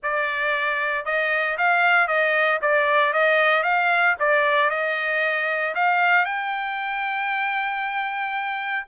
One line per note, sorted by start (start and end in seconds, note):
0.02 1.05 D5
1.05 1.57 D#5
1.57 2.07 F5
2.07 2.59 D#5
2.61 3.13 D5
3.13 3.63 D#5
3.63 4.15 F5
4.19 4.70 D5
4.70 5.74 D#5
5.75 6.25 F5
6.25 8.86 G5